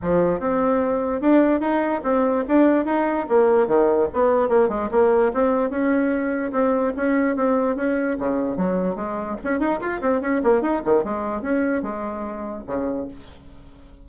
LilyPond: \new Staff \with { instrumentName = "bassoon" } { \time 4/4 \tempo 4 = 147 f4 c'2 d'4 | dis'4 c'4 d'4 dis'4 | ais4 dis4 b4 ais8 gis8 | ais4 c'4 cis'2 |
c'4 cis'4 c'4 cis'4 | cis4 fis4 gis4 cis'8 dis'8 | f'8 c'8 cis'8 ais8 dis'8 dis8 gis4 | cis'4 gis2 cis4 | }